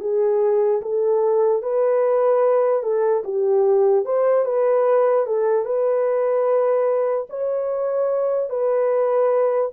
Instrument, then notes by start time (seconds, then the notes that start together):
horn
0.00 G#4
0.81 A4
1.62 B4
2.83 A4
3.24 G4
4.05 C5
4.45 B4
5.27 A4
5.65 B4
7.30 C#5
8.50 B4